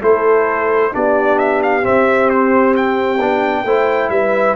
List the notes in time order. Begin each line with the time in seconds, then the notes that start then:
0.00 A3 E4 A4 C5
0.91 B3 D4 G4 D5
1.38 E5
1.62 F5
1.82 C4 E5
2.29 C5
2.76 G5
3.19 B3 D4
3.64 A3 E4 C5
4.09 G3 B4 E5